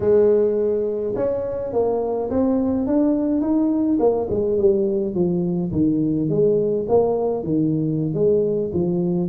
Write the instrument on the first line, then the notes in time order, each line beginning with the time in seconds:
tuba
0.00 G#3
1.15 C#4
1.72 A#3
2.30 C4
2.86 D4
3.41 D#4
3.99 A#3
4.30 G#3
4.57 G3
5.14 F3
5.71 D#3
6.29 G#3
6.88 A#3
7.43 D#3
8.14 G#3
8.73 F3